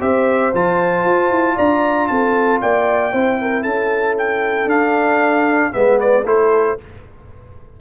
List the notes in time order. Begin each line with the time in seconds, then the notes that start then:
0.00 C4 G4 C5 E5
0.54 F3 F4 A5
1.05 F4
1.31 E4
1.56 D4 D5 A#5
2.08 C4 A4 A5
2.62 A#3 D5 G5
3.12 C4 E4 C5
3.41 A#4
3.63 C#4 A4 A5
4.18 G5
4.66 D4 F5
5.72 G#3 B3 B4 E5
6.01 D5
6.25 A3 E4 A4 C5